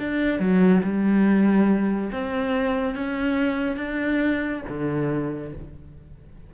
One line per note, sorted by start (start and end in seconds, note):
0.00 0.40 D4
0.40 0.82 F#3
0.84 2.11 G3
2.12 2.95 C4
2.95 3.77 C#4
3.77 4.62 D4
4.69 5.54 D3